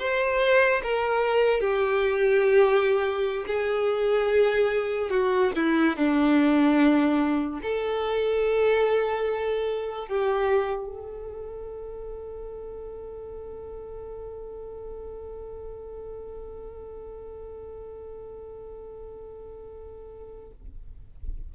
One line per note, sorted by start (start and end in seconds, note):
0.00 0.82 C5
0.84 1.61 A#4
1.61 3.46 G4
3.47 5.11 G#4
5.11 5.52 F#4
5.56 5.97 E4
5.97 7.61 D4
7.63 10.08 A4
10.08 10.86 G4
10.86 20.52 A4